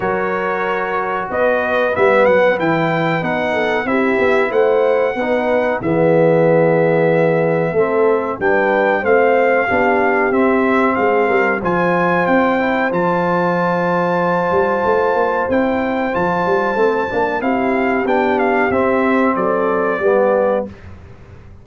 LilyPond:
<<
  \new Staff \with { instrumentName = "trumpet" } { \time 4/4 \tempo 4 = 93 cis''2 dis''4 e''8 fis''8 | g''4 fis''4 e''4 fis''4~ | fis''4 e''2.~ | e''4 g''4 f''2 |
e''4 f''4 gis''4 g''4 | a''1 | g''4 a''2 f''4 | g''8 f''8 e''4 d''2 | }
  \new Staff \with { instrumentName = "horn" } { \time 4/4 ais'2 b'2~ | b'4. a'8 g'4 c''4 | b'4 gis'2. | a'4 b'4 c''4 g'4~ |
g'4 gis'8 ais'8 c''2~ | c''1~ | c''2. g'4~ | g'2 a'4 g'4 | }
  \new Staff \with { instrumentName = "trombone" } { \time 4/4 fis'2. b4 | e'4 dis'4 e'2 | dis'4 b2. | c'4 d'4 c'4 d'4 |
c'2 f'4. e'8 | f'1 | e'4 f'4 c'8 d'8 e'4 | d'4 c'2 b4 | }
  \new Staff \with { instrumentName = "tuba" } { \time 4/4 fis2 b4 g8 fis8 | e4 b4 c'8 b8 a4 | b4 e2. | a4 g4 a4 b4 |
c'4 gis8 g8 f4 c'4 | f2~ f8 g8 a8 ais8 | c'4 f8 g8 a8 ais8 c'4 | b4 c'4 fis4 g4 | }
>>